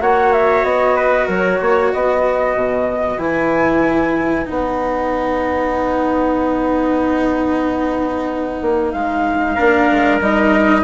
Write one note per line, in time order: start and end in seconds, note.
0.00 0.64 A#3
0.00 3.18 F#4
0.00 0.96 C#5
0.00 0.32 F#5
0.32 0.64 E5
0.64 1.28 B3
0.64 1.28 D#5
0.96 1.27 B4
1.27 1.60 F#3
1.27 1.59 A#4
1.27 1.93 C#5
1.61 1.93 A#3
1.61 1.91 C#5
1.91 2.55 B3
1.91 9.55 B4
1.91 3.19 D#5
2.55 3.18 B2
3.18 4.46 E3
3.18 4.46 E4
3.18 4.47 G#5
4.46 8.61 B3
4.46 9.56 D#4
4.46 8.92 F#5
8.61 8.93 A#3
8.92 9.57 G#3
8.92 10.19 F5
9.55 9.91 A#3
9.55 10.22 D4
9.55 10.83 A#4
9.91 10.21 G#3
10.21 10.84 G3
10.21 10.84 D#4
10.21 10.84 D#5